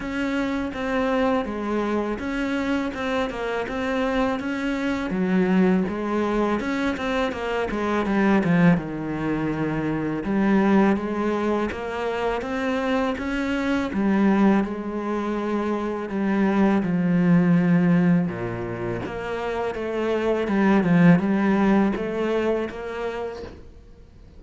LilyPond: \new Staff \with { instrumentName = "cello" } { \time 4/4 \tempo 4 = 82 cis'4 c'4 gis4 cis'4 | c'8 ais8 c'4 cis'4 fis4 | gis4 cis'8 c'8 ais8 gis8 g8 f8 | dis2 g4 gis4 |
ais4 c'4 cis'4 g4 | gis2 g4 f4~ | f4 ais,4 ais4 a4 | g8 f8 g4 a4 ais4 | }